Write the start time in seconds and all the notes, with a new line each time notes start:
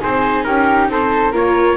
0.00 C4 D#4 G#4 C5
0.44 C#4 G4 A#4
0.89 C4 A4 C5
1.32 A#3 F4 A#4 C#5